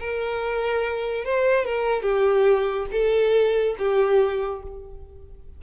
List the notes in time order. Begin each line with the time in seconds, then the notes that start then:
0.00 A#4
1.25 C5
1.66 A#4
2.03 G4
2.92 A4
3.79 G4